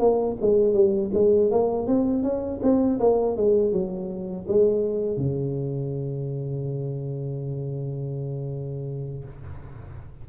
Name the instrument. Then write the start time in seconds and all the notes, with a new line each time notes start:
tuba
0.00 A#3
0.42 G#3
0.74 G3
1.14 G#3
1.52 A#3
1.88 C4
2.24 C#4
2.63 C4
3.00 A#3
3.37 G#3
3.73 F#3
4.48 G#3
5.18 C#3